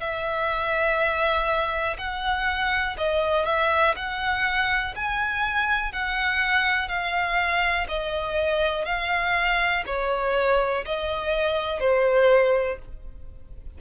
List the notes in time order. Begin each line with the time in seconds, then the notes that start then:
0.00 E5
1.98 F#5
2.98 D#5
3.46 E5
3.96 F#5
4.96 G#5
5.92 F#5
6.89 F5
7.89 D#5
8.85 F5
9.87 C#5
10.86 D#5
11.80 C5